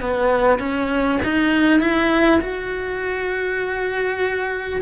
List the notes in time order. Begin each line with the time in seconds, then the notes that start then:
0.00 B3
0.58 C#4
1.24 D#4
1.80 E4
2.41 F#4